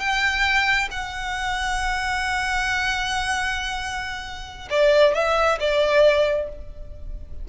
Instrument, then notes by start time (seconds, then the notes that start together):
violin
0.00 G5
0.91 F#5
4.71 D5
5.15 E5
5.60 D5